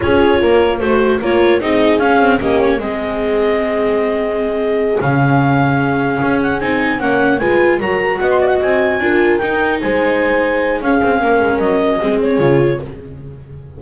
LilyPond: <<
  \new Staff \with { instrumentName = "clarinet" } { \time 4/4 \tempo 4 = 150 cis''2 c''4 cis''4 | dis''4 f''4 dis''8 cis''8 dis''4~ | dis''1~ | dis''8 f''2.~ f''8 |
fis''8 gis''4 fis''4 gis''4 ais''8~ | ais''8 fis''16 c'''16 d''16 fis''16 gis''2 g''8~ | g''8 gis''2~ gis''8 f''4~ | f''4 dis''4. cis''4. | }
  \new Staff \with { instrumentName = "horn" } { \time 4/4 gis'4 ais'4 c''4 ais'4 | gis'2 g'4 gis'4~ | gis'1~ | gis'1~ |
gis'4. cis''4 b'4 ais'8~ | ais'8 dis''2 ais'4.~ | ais'8 c''2~ c''8 gis'4 | ais'2 gis'2 | }
  \new Staff \with { instrumentName = "viola" } { \time 4/4 f'2 fis'4 f'4 | dis'4 cis'8 c'8 cis'4 c'4~ | c'1~ | c'8 cis'2.~ cis'8~ |
cis'8 dis'4 cis'4 f'4 fis'8~ | fis'2~ fis'8 f'4 dis'8~ | dis'2. cis'4~ | cis'2 c'4 f'4 | }
  \new Staff \with { instrumentName = "double bass" } { \time 4/4 cis'4 ais4 a4 ais4 | c'4 cis'4 ais4 gis4~ | gis1~ | gis8 cis2. cis'8~ |
cis'8 c'4 ais4 gis4 fis8~ | fis8 b4 c'4 d'4 dis'8~ | dis'8 gis2~ gis8 cis'8 c'8 | ais8 gis8 fis4 gis4 cis4 | }
>>